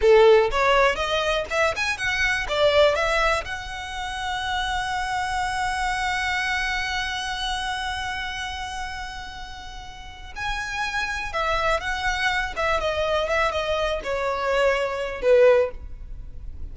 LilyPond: \new Staff \with { instrumentName = "violin" } { \time 4/4 \tempo 4 = 122 a'4 cis''4 dis''4 e''8 gis''8 | fis''4 d''4 e''4 fis''4~ | fis''1~ | fis''1~ |
fis''1~ | fis''4 gis''2 e''4 | fis''4. e''8 dis''4 e''8 dis''8~ | dis''8 cis''2~ cis''8 b'4 | }